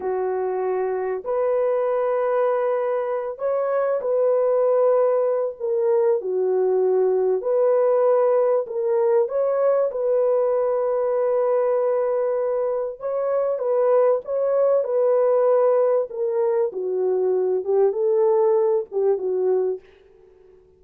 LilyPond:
\new Staff \with { instrumentName = "horn" } { \time 4/4 \tempo 4 = 97 fis'2 b'2~ | b'4. cis''4 b'4.~ | b'4 ais'4 fis'2 | b'2 ais'4 cis''4 |
b'1~ | b'4 cis''4 b'4 cis''4 | b'2 ais'4 fis'4~ | fis'8 g'8 a'4. g'8 fis'4 | }